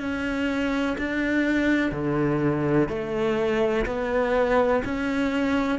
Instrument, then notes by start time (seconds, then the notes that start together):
cello
0.00 C#4
0.98 D4
1.92 D3
2.89 A3
3.86 B3
4.85 C#4